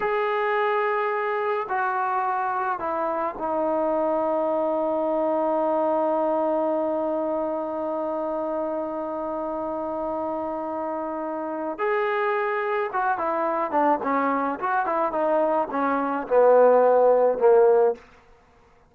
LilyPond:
\new Staff \with { instrumentName = "trombone" } { \time 4/4 \tempo 4 = 107 gis'2. fis'4~ | fis'4 e'4 dis'2~ | dis'1~ | dis'1~ |
dis'1~ | dis'4 gis'2 fis'8 e'8~ | e'8 d'8 cis'4 fis'8 e'8 dis'4 | cis'4 b2 ais4 | }